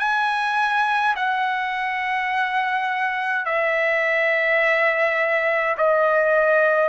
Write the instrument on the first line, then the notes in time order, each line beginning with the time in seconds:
trumpet
0.00 G#5
1.16 F#5
3.46 E5
5.78 D#5